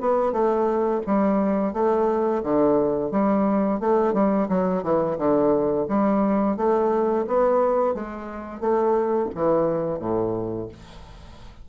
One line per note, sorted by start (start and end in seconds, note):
0.00 0.32 B3
0.32 1.01 A3
1.06 1.73 G3
1.73 2.42 A3
2.43 3.11 D3
3.11 3.80 G3
3.80 4.13 A3
4.13 4.48 G3
4.49 4.83 F#3
4.83 5.17 E3
5.18 5.87 D3
5.88 6.56 G3
6.56 7.25 A3
7.27 7.94 B3
7.94 8.60 G#3
8.60 9.29 A3
9.34 9.99 E3
9.99 10.68 A2